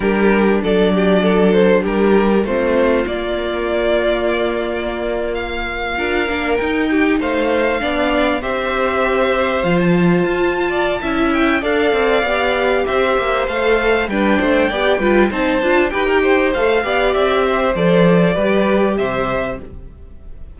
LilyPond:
<<
  \new Staff \with { instrumentName = "violin" } { \time 4/4 \tempo 4 = 98 ais'4 d''4. c''8 ais'4 | c''4 d''2.~ | d''8. f''2 g''4 f''16~ | f''4.~ f''16 e''2 f''16 |
a''2~ a''8 g''8 f''4~ | f''4 e''4 f''4 g''4~ | g''4 a''4 g''4 f''4 | e''4 d''2 e''4 | }
  \new Staff \with { instrumentName = "violin" } { \time 4/4 g'4 a'8 g'8 a'4 g'4 | f'1~ | f'4.~ f'16 ais'4. g'8 c''16~ | c''8. d''4 c''2~ c''16~ |
c''4. d''8 e''4 d''4~ | d''4 c''2 b'8 c''8 | d''8 b'8 c''4 b'16 ais'16 c''4 d''8~ | d''8 c''4. b'4 c''4 | }
  \new Staff \with { instrumentName = "viola" } { \time 4/4 d'1 | c'4 ais2.~ | ais4.~ ais16 f'8 d'8 dis'4~ dis'16~ | dis'8. d'4 g'2 f'16~ |
f'2 e'4 a'4 | g'2 a'4 d'4 | g'8 f'8 dis'8 f'8 g'4 a'8 g'8~ | g'4 a'4 g'2 | }
  \new Staff \with { instrumentName = "cello" } { \time 4/4 g4 fis2 g4 | a4 ais2.~ | ais4.~ ais16 d'8 ais8 dis'4 a16~ | a8. b4 c'2 f16~ |
f8. f'4~ f'16 cis'4 d'8 c'8 | b4 c'8 ais8 a4 g8 a8 | b8 g8 c'8 d'8 dis'4 a8 b8 | c'4 f4 g4 c4 | }
>>